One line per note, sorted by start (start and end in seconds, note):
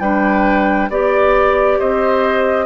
0.00 0.90 G3
0.00 0.91 D4
0.00 0.91 B4
0.00 0.90 G5
0.90 1.79 B3
0.90 2.66 G4
0.90 1.79 D5
0.90 1.81 D5
1.79 2.66 C4
1.79 2.66 C5
1.79 2.66 D#5